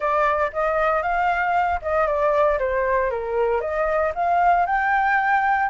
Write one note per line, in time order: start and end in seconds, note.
0.00 0.51 D5
0.52 1.02 D#5
1.02 1.80 F5
1.82 2.06 D#5
2.06 2.58 D5
2.58 3.10 C5
3.10 3.60 A#4
3.60 4.12 D#5
4.14 4.66 F5
4.66 5.69 G5